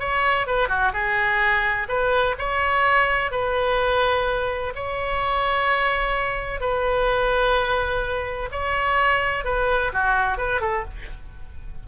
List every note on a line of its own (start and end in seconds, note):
0.00 0.47 C#5
0.47 0.69 B4
0.69 0.93 F#4
0.94 1.88 G#4
1.89 2.36 B4
2.39 3.32 C#5
3.32 4.74 B4
4.75 6.61 C#5
6.61 8.50 B4
8.52 9.45 C#5
9.45 9.92 B4
9.93 10.38 F#4
10.38 10.61 B4
10.61 10.85 A4